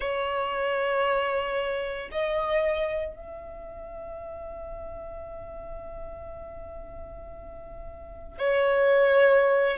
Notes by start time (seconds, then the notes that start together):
0.00 C#5
2.11 D#5
3.16 E5
8.38 C#5